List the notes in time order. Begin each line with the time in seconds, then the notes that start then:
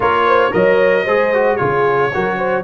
0.00 A#3 F4 A#4 C#5
0.26 C5
0.51 F#3 A#4 C#5 D#5
1.04 G#3 G#4 C5
1.34 F#4
1.56 C#3 F4 G#4 C#5
2.13 F#3 F#4 A#4
2.37 C5